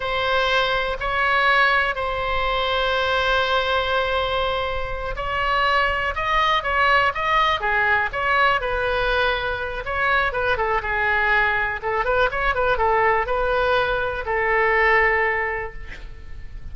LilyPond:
\new Staff \with { instrumentName = "oboe" } { \time 4/4 \tempo 4 = 122 c''2 cis''2 | c''1~ | c''2~ c''8 cis''4.~ | cis''8 dis''4 cis''4 dis''4 gis'8~ |
gis'8 cis''4 b'2~ b'8 | cis''4 b'8 a'8 gis'2 | a'8 b'8 cis''8 b'8 a'4 b'4~ | b'4 a'2. | }